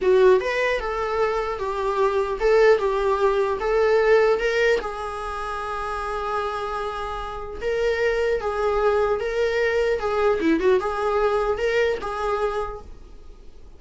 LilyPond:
\new Staff \with { instrumentName = "viola" } { \time 4/4 \tempo 4 = 150 fis'4 b'4 a'2 | g'2 a'4 g'4~ | g'4 a'2 ais'4 | gis'1~ |
gis'2. ais'4~ | ais'4 gis'2 ais'4~ | ais'4 gis'4 e'8 fis'8 gis'4~ | gis'4 ais'4 gis'2 | }